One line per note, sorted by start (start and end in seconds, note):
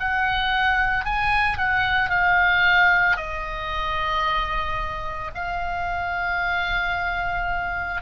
0.00 1.05 F#5
1.05 1.58 G#5
1.58 2.10 F#5
2.10 3.17 F5
3.17 5.31 D#5
5.35 8.02 F5